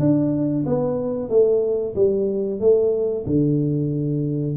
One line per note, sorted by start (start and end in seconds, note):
0.00 0.65 D4
0.66 1.30 B3
1.30 1.95 A3
1.95 2.60 G3
2.60 3.25 A3
3.26 4.57 D3